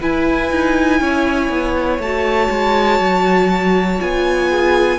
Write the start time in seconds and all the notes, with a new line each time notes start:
0.00 E4 B4 G#5
0.51 D#4
1.00 C#4 C#5
1.49 B3
1.99 A3 F#4 A5
2.50 G#3
3.00 F#3
3.99 B3 F4 G#5
4.50 G#4